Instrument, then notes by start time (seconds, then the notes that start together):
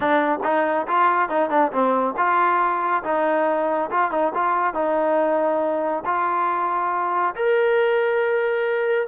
trombone
0.00 D4
0.43 D#4
0.87 F4
1.29 D#4
1.50 D4
1.71 C4
2.17 F4
3.03 D#4
3.90 F4
4.11 D#4
4.34 F4
4.74 D#4
6.05 F4
7.35 A#4